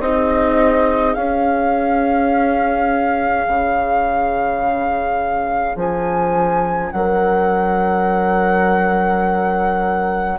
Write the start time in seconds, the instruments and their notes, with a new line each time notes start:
0.00 bassoon C4, viola D#4, horn G#4, flute D#5
1.14 bassoon C#4, viola C#4, flute F5
3.48 bassoon C#3
5.76 bassoon F3, flute G#5
6.92 bassoon F#3, horn A#4, flute F#5